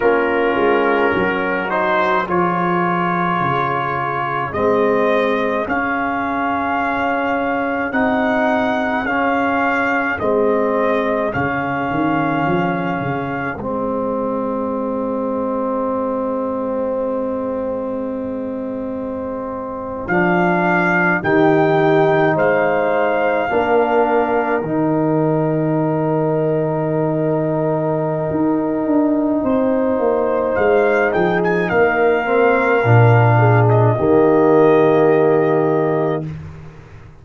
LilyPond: <<
  \new Staff \with { instrumentName = "trumpet" } { \time 4/4 \tempo 4 = 53 ais'4. c''8 cis''2 | dis''4 f''2 fis''4 | f''4 dis''4 f''2 | dis''1~ |
dis''4.~ dis''16 f''4 g''4 f''16~ | f''4.~ f''16 g''2~ g''16~ | g''2. f''8 g''16 gis''16 | f''4.~ f''16 dis''2~ dis''16 | }
  \new Staff \with { instrumentName = "horn" } { \time 4/4 f'4 fis'4 gis'2~ | gis'1~ | gis'1~ | gis'1~ |
gis'2~ gis'8. g'4 c''16~ | c''8. ais'2.~ ais'16~ | ais'2 c''4. gis'8 | ais'4. gis'8 g'2 | }
  \new Staff \with { instrumentName = "trombone" } { \time 4/4 cis'4. dis'8 f'2 | c'4 cis'2 dis'4 | cis'4 c'4 cis'2 | c'1~ |
c'4.~ c'16 d'4 dis'4~ dis'16~ | dis'8. d'4 dis'2~ dis'16~ | dis'1~ | dis'8 c'8 d'4 ais2 | }
  \new Staff \with { instrumentName = "tuba" } { \time 4/4 ais8 gis8 fis4 f4 cis4 | gis4 cis'2 c'4 | cis'4 gis4 cis8 dis8 f8 cis8 | gis1~ |
gis4.~ gis16 f4 dis4 gis16~ | gis8. ais4 dis2~ dis16~ | dis4 dis'8 d'8 c'8 ais8 gis8 f8 | ais4 ais,4 dis2 | }
>>